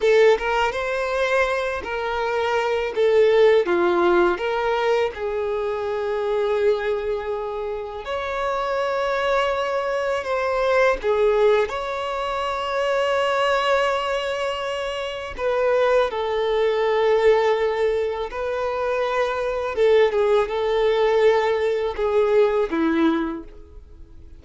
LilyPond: \new Staff \with { instrumentName = "violin" } { \time 4/4 \tempo 4 = 82 a'8 ais'8 c''4. ais'4. | a'4 f'4 ais'4 gis'4~ | gis'2. cis''4~ | cis''2 c''4 gis'4 |
cis''1~ | cis''4 b'4 a'2~ | a'4 b'2 a'8 gis'8 | a'2 gis'4 e'4 | }